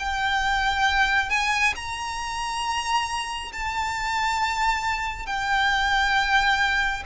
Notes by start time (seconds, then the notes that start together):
0.00 G5
1.30 G#5
1.76 A#5
3.53 A5
5.27 G5